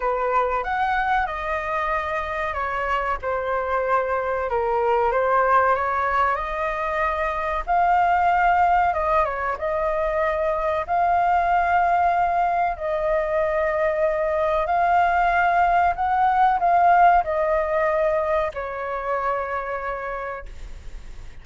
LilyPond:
\new Staff \with { instrumentName = "flute" } { \time 4/4 \tempo 4 = 94 b'4 fis''4 dis''2 | cis''4 c''2 ais'4 | c''4 cis''4 dis''2 | f''2 dis''8 cis''8 dis''4~ |
dis''4 f''2. | dis''2. f''4~ | f''4 fis''4 f''4 dis''4~ | dis''4 cis''2. | }